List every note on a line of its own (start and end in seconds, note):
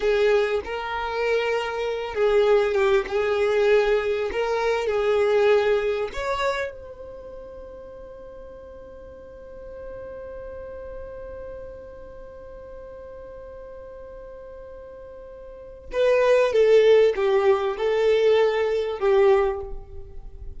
0.00 0.60 G#4
0.65 2.14 A#4
2.14 2.74 G#4
2.74 3.05 G4
3.08 4.30 G#4
4.32 4.86 A#4
4.86 6.09 G#4
6.12 6.71 C#5
6.71 15.89 C5
15.92 16.52 B4
16.52 17.14 A4
17.15 17.76 G4
17.77 18.99 A4
18.99 19.60 G4